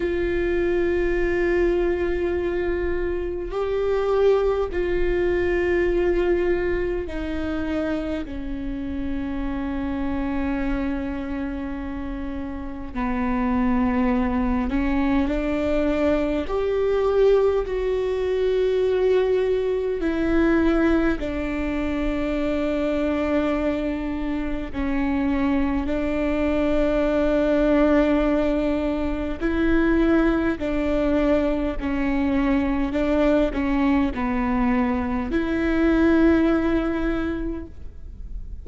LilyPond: \new Staff \with { instrumentName = "viola" } { \time 4/4 \tempo 4 = 51 f'2. g'4 | f'2 dis'4 cis'4~ | cis'2. b4~ | b8 cis'8 d'4 g'4 fis'4~ |
fis'4 e'4 d'2~ | d'4 cis'4 d'2~ | d'4 e'4 d'4 cis'4 | d'8 cis'8 b4 e'2 | }